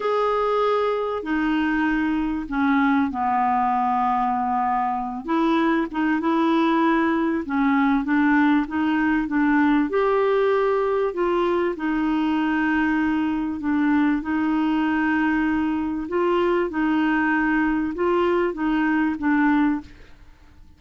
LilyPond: \new Staff \with { instrumentName = "clarinet" } { \time 4/4 \tempo 4 = 97 gis'2 dis'2 | cis'4 b2.~ | b8 e'4 dis'8 e'2 | cis'4 d'4 dis'4 d'4 |
g'2 f'4 dis'4~ | dis'2 d'4 dis'4~ | dis'2 f'4 dis'4~ | dis'4 f'4 dis'4 d'4 | }